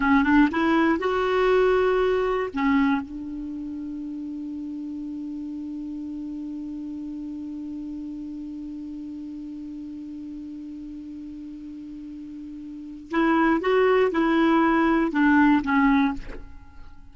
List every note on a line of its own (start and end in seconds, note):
0.00 0.23 C#4
0.23 0.48 D4
0.51 0.99 E4
0.99 2.50 F#4
2.53 3.01 C#4
3.01 13.10 D4
13.10 13.60 E4
13.60 14.11 F#4
14.11 15.11 E4
15.11 15.62 D4
15.63 16.13 C#4